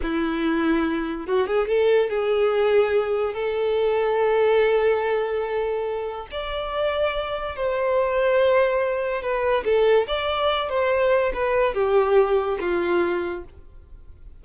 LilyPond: \new Staff \with { instrumentName = "violin" } { \time 4/4 \tempo 4 = 143 e'2. fis'8 gis'8 | a'4 gis'2. | a'1~ | a'2. d''4~ |
d''2 c''2~ | c''2 b'4 a'4 | d''4. c''4. b'4 | g'2 f'2 | }